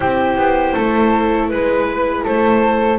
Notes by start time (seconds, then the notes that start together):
0.00 C4 E4 G4 C5
0.36 B3
0.74 A3 A4
1.48 G#3 B4
2.23 A3 A4 C5